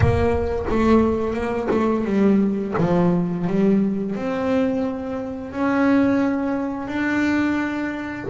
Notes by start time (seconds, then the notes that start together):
0.00 A#3
0.69 A3
1.33 A#3
1.71 A3
2.04 G3
2.78 F3
3.47 G3
4.15 C4
5.52 C#4
6.87 D4